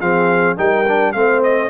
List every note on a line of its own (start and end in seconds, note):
0.00 0.57 F3
0.00 0.56 C4
0.00 0.57 G#4
0.00 0.57 F5
0.56 1.14 G3
0.56 0.85 D#4
0.56 1.14 A#4
0.56 1.13 G5
0.88 1.15 D4
1.13 1.70 A3
1.13 1.70 C4
1.13 1.70 C5
1.13 1.41 F5
1.43 1.70 D#5